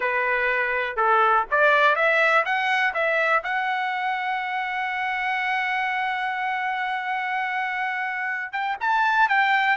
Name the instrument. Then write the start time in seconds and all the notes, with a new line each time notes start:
trumpet
0.00 B4
0.96 A4
1.50 D5
1.95 E5
2.45 F#5
2.94 E5
3.43 F#5
8.52 G5
8.80 A5
9.28 G5